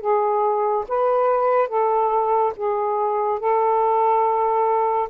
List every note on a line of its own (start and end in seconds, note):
0.00 0.85 G#4
0.88 1.68 B4
1.68 2.53 A4
2.56 3.40 G#4
3.40 5.09 A4